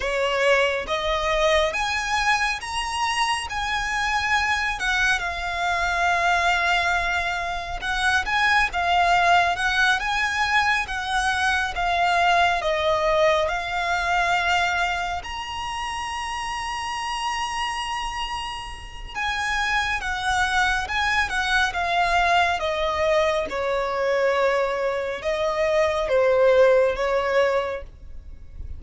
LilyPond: \new Staff \with { instrumentName = "violin" } { \time 4/4 \tempo 4 = 69 cis''4 dis''4 gis''4 ais''4 | gis''4. fis''8 f''2~ | f''4 fis''8 gis''8 f''4 fis''8 gis''8~ | gis''8 fis''4 f''4 dis''4 f''8~ |
f''4. ais''2~ ais''8~ | ais''2 gis''4 fis''4 | gis''8 fis''8 f''4 dis''4 cis''4~ | cis''4 dis''4 c''4 cis''4 | }